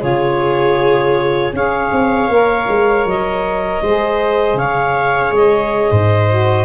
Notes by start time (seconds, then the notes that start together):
0.00 C#3 F4 G#4 C#5
1.53 C#4 G#4 C#5 F5
1.92 C4
2.29 A#3 A#4
2.68 G#3
3.05 F#3 D#5
3.82 G#3 G#4 C5
4.54 C#3 C#5 F5
5.31 G#3 D#5
5.91 G#2 C5
6.29 F#4